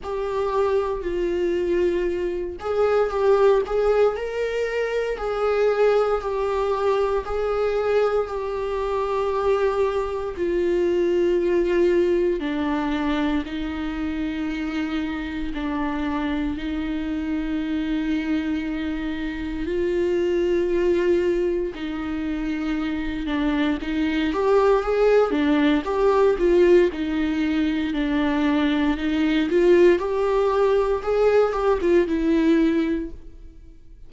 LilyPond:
\new Staff \with { instrumentName = "viola" } { \time 4/4 \tempo 4 = 58 g'4 f'4. gis'8 g'8 gis'8 | ais'4 gis'4 g'4 gis'4 | g'2 f'2 | d'4 dis'2 d'4 |
dis'2. f'4~ | f'4 dis'4. d'8 dis'8 g'8 | gis'8 d'8 g'8 f'8 dis'4 d'4 | dis'8 f'8 g'4 gis'8 g'16 f'16 e'4 | }